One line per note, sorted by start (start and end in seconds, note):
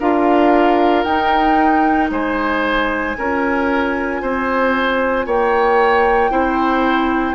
0.00 1.05 D4
0.00 1.07 F4
0.00 2.11 A#4
0.00 1.03 F5
1.03 2.10 D#4
1.03 3.16 D#4
1.03 2.09 G5
2.11 3.16 G#3
2.11 3.17 C5
2.11 5.28 G#5
3.16 4.22 C#4
3.16 6.31 F4
3.16 4.22 A#4
4.22 5.26 C4
4.22 5.26 C5
5.26 6.31 A#3
5.26 6.31 C#5
5.26 7.35 G5
6.31 7.35 C4
6.31 7.35 E4
6.31 7.35 C5